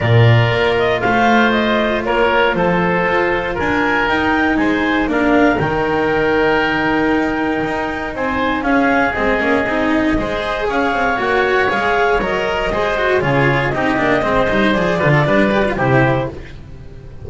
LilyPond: <<
  \new Staff \with { instrumentName = "clarinet" } { \time 4/4 \tempo 4 = 118 d''4. dis''8 f''4 dis''4 | cis''4 c''2 gis''4 | g''4 gis''4 f''4 g''4~ | g''1 |
gis''4 f''4 dis''2~ | dis''4 f''4 fis''4 f''4 | dis''2 cis''4 dis''4~ | dis''4 d''2 c''4 | }
  \new Staff \with { instrumentName = "oboe" } { \time 4/4 ais'2 c''2 | ais'4 a'2 ais'4~ | ais'4 c''4 ais'2~ | ais'1 |
c''4 gis'2. | c''4 cis''2.~ | cis''4 c''4 gis'4 g'4 | c''4. b'16 a'16 b'4 g'4 | }
  \new Staff \with { instrumentName = "cello" } { \time 4/4 f'1~ | f'1 | dis'2 d'4 dis'4~ | dis'1~ |
dis'4 cis'4 c'8 cis'8 dis'4 | gis'2 fis'4 gis'4 | ais'4 gis'8 fis'8 f'4 dis'8 d'8 | c'8 dis'8 gis'8 f'8 d'8 g'16 f'16 e'4 | }
  \new Staff \with { instrumentName = "double bass" } { \time 4/4 ais,4 ais4 a2 | ais4 f4 f'4 d'4 | dis'4 gis4 ais4 dis4~ | dis2. dis'4 |
c'4 cis'4 gis8 ais8 c'4 | gis4 cis'8 c'8 ais4 gis4 | fis4 gis4 cis4 c'8 ais8 | gis8 g8 f8 d8 g4 c4 | }
>>